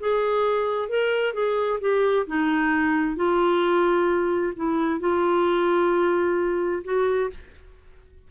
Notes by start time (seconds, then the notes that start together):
0.00 G#4
0.89 A#4
1.34 G#4
1.80 G4
2.27 D#4
3.16 F4
4.56 E4
5.00 F4
6.84 F#4